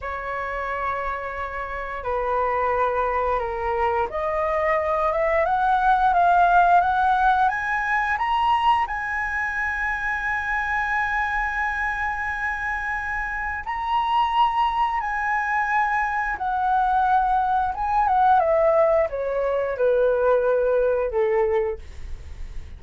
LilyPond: \new Staff \with { instrumentName = "flute" } { \time 4/4 \tempo 4 = 88 cis''2. b'4~ | b'4 ais'4 dis''4. e''8 | fis''4 f''4 fis''4 gis''4 | ais''4 gis''2.~ |
gis''1 | ais''2 gis''2 | fis''2 gis''8 fis''8 e''4 | cis''4 b'2 a'4 | }